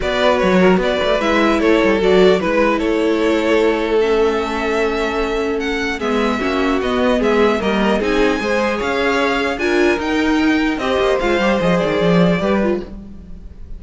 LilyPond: <<
  \new Staff \with { instrumentName = "violin" } { \time 4/4 \tempo 4 = 150 d''4 cis''4 d''4 e''4 | cis''4 d''4 b'4 cis''4~ | cis''2 e''2~ | e''2 fis''4 e''4~ |
e''4 dis''4 e''4 dis''4 | gis''2 f''2 | gis''4 g''2 dis''4 | f''4 dis''8 d''2~ d''8 | }
  \new Staff \with { instrumentName = "violin" } { \time 4/4 b'4. ais'8 b'2 | a'2 b'4 a'4~ | a'1~ | a'2. gis'4 |
fis'2 gis'4 ais'4 | gis'4 c''4 cis''2 | ais'2. c''4~ | c''2. b'4 | }
  \new Staff \with { instrumentName = "viola" } { \time 4/4 fis'2. e'4~ | e'4 fis'4 e'2~ | e'2 cis'2~ | cis'2. b4 |
cis'4 b2 ais4 | dis'4 gis'2. | f'4 dis'2 g'4 | f'8 g'8 gis'2 g'8 f'8 | }
  \new Staff \with { instrumentName = "cello" } { \time 4/4 b4 fis4 b8 a8 gis4 | a8 g8 fis4 gis4 a4~ | a1~ | a2. gis4 |
ais4 b4 gis4 g4 | c'4 gis4 cis'2 | d'4 dis'2 c'8 ais8 | gis8 g8 f8 dis8 f4 g4 | }
>>